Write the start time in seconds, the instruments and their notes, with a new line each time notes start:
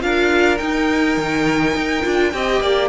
0.00 cello D4, viola F4, violin A#4 F5
0.57 viola D#4, cello D#4, violin G5
1.17 cello D#3
1.75 cello D#4
2.03 cello D4, viola F4
2.32 cello C4, viola G4, violin D#5
2.61 cello A#3, violin D5